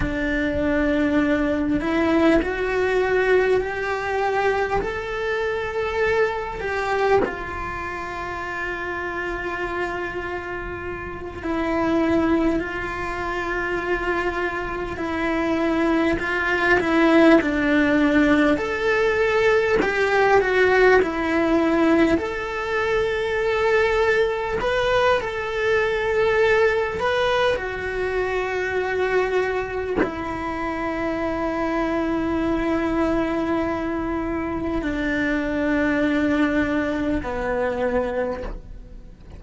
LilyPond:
\new Staff \with { instrumentName = "cello" } { \time 4/4 \tempo 4 = 50 d'4. e'8 fis'4 g'4 | a'4. g'8 f'2~ | f'4. e'4 f'4.~ | f'8 e'4 f'8 e'8 d'4 a'8~ |
a'8 g'8 fis'8 e'4 a'4.~ | a'8 b'8 a'4. b'8 fis'4~ | fis'4 e'2.~ | e'4 d'2 b4 | }